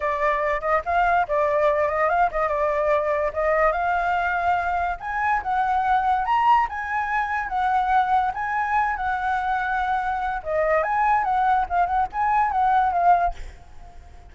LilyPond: \new Staff \with { instrumentName = "flute" } { \time 4/4 \tempo 4 = 144 d''4. dis''8 f''4 d''4~ | d''8 dis''8 f''8 dis''8 d''2 | dis''4 f''2. | gis''4 fis''2 ais''4 |
gis''2 fis''2 | gis''4. fis''2~ fis''8~ | fis''4 dis''4 gis''4 fis''4 | f''8 fis''8 gis''4 fis''4 f''4 | }